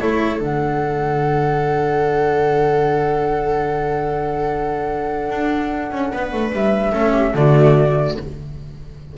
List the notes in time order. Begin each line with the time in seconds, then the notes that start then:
0.00 A3 E4 A4 C#5
0.39 D3 D4 F#5
5.30 D4
5.92 C#4
6.13 B3 B4
6.33 A3
6.53 G3 E5
6.93 A3 C#4 A4
7.12 G4
7.35 D3 A3 F#4 D5